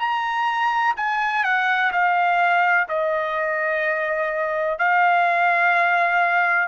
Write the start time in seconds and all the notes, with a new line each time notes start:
0.00 A#5
0.97 G#5
1.44 F#5
1.93 F5
2.89 D#5
4.79 F5